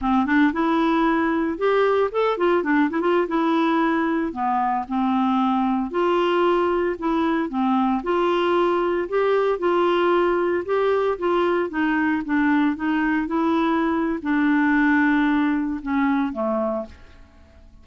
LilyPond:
\new Staff \with { instrumentName = "clarinet" } { \time 4/4 \tempo 4 = 114 c'8 d'8 e'2 g'4 | a'8 f'8 d'8 e'16 f'8 e'4.~ e'16~ | e'16 b4 c'2 f'8.~ | f'4~ f'16 e'4 c'4 f'8.~ |
f'4~ f'16 g'4 f'4.~ f'16~ | f'16 g'4 f'4 dis'4 d'8.~ | d'16 dis'4 e'4.~ e'16 d'4~ | d'2 cis'4 a4 | }